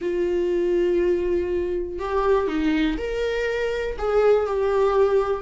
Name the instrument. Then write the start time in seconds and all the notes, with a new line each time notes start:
viola
0.01 F4
1.99 G4
2.47 D#4
2.97 A#4
3.98 G#4
4.46 G4